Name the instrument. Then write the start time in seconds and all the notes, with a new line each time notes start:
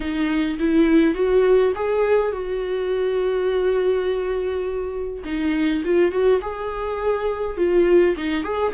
viola
0.00 D#4
0.59 E4
1.14 F#4
1.75 G#4
2.31 F#4
5.25 D#4
5.84 F4
6.11 F#4
6.41 G#4
7.57 F4
8.16 D#4
8.43 G#4